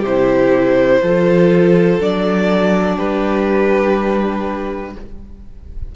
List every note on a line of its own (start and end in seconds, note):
0.00 1.01 C3
0.00 0.98 G4
0.00 2.01 C5
0.07 1.03 E4
1.02 1.99 F3
1.02 2.00 F4
1.02 2.95 A4
1.99 2.97 F#3
1.99 4.95 D4
1.99 2.98 D5
2.95 4.95 G3
2.95 4.92 G4
2.95 4.95 B4